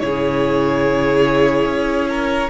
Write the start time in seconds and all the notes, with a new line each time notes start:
0.00 C#3 E4 G#4 C#5
1.66 C#4
2.10 A#4